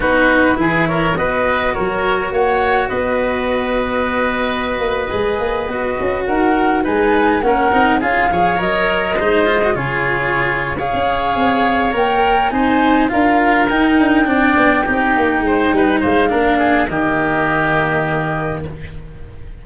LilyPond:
<<
  \new Staff \with { instrumentName = "flute" } { \time 4/4 \tempo 4 = 103 b'4. cis''8 dis''4 cis''4 | fis''4 dis''2.~ | dis''2~ dis''8. fis''4 gis''16~ | gis''8. fis''4 f''4 dis''4~ dis''16~ |
dis''8. cis''4.~ cis''16 f''4.~ | f''8 g''4 gis''4 f''4 g''8~ | g''2.~ g''8 f''8~ | f''4 dis''2. | }
  \new Staff \with { instrumentName = "oboe" } { \time 4/4 fis'4 gis'8 ais'8 b'4 ais'4 | cis''4 b'2.~ | b'2~ b'8. ais'4 b'16~ | b'8. ais'4 gis'8 cis''4. c''16~ |
c''8. gis'4.~ gis'16 cis''4.~ | cis''4. c''4 ais'4.~ | ais'8 d''4 g'4 c''8 b'8 c''8 | ais'8 gis'8 g'2. | }
  \new Staff \with { instrumentName = "cello" } { \time 4/4 dis'4 e'4 fis'2~ | fis'1~ | fis'8. gis'4 fis'2 dis'16~ | dis'8. cis'8 dis'8 f'8 gis'8 ais'4 dis'16~ |
dis'16 f'16 fis'16 f'4.~ f'16 gis'4.~ | gis'8 ais'4 dis'4 f'4 dis'8~ | dis'8 d'4 dis'2~ dis'8 | d'4 ais2. | }
  \new Staff \with { instrumentName = "tuba" } { \time 4/4 b4 e4 b4 fis4 | ais4 b2.~ | b16 ais8 gis8 ais8 b8 cis'8 dis'4 gis16~ | gis8. ais8 c'8 cis'8 f8 fis4 gis16~ |
gis8. cis2 cis'8. c'8~ | c'8 ais4 c'4 d'4 dis'8 | d'8 c'8 b8 c'8 ais8 gis8 g8 gis8 | ais4 dis2. | }
>>